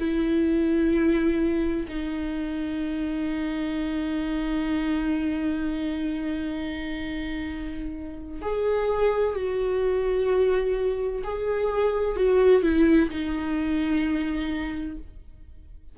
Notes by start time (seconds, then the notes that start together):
0.00 E4
1.89 D#4
8.42 G#4
9.35 F#4
11.24 G#4
12.17 F#4
12.63 E4
13.10 D#4